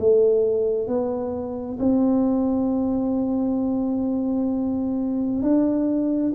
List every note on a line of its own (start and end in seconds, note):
0.00 0.88 A3
0.88 1.79 B3
1.80 5.43 C4
5.43 6.33 D4